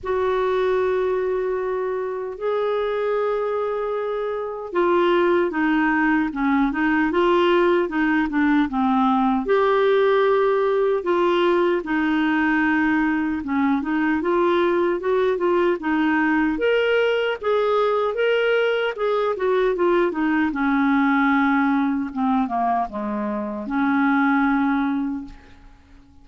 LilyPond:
\new Staff \with { instrumentName = "clarinet" } { \time 4/4 \tempo 4 = 76 fis'2. gis'4~ | gis'2 f'4 dis'4 | cis'8 dis'8 f'4 dis'8 d'8 c'4 | g'2 f'4 dis'4~ |
dis'4 cis'8 dis'8 f'4 fis'8 f'8 | dis'4 ais'4 gis'4 ais'4 | gis'8 fis'8 f'8 dis'8 cis'2 | c'8 ais8 gis4 cis'2 | }